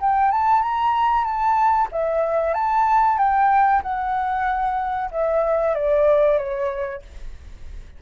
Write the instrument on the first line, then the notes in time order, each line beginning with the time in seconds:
flute
0.00 G5
0.31 A5
0.62 A#5
1.24 A5
1.91 E5
2.54 A5
3.18 G5
3.82 F#5
5.11 E5
5.74 D5
6.38 C#5